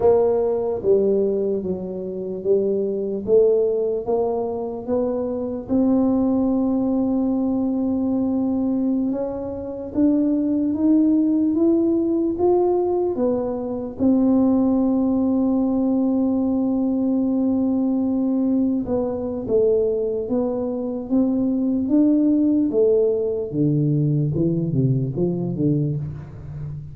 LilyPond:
\new Staff \with { instrumentName = "tuba" } { \time 4/4 \tempo 4 = 74 ais4 g4 fis4 g4 | a4 ais4 b4 c'4~ | c'2.~ c'16 cis'8.~ | cis'16 d'4 dis'4 e'4 f'8.~ |
f'16 b4 c'2~ c'8.~ | c'2.~ c'16 b8. | a4 b4 c'4 d'4 | a4 d4 e8 c8 f8 d8 | }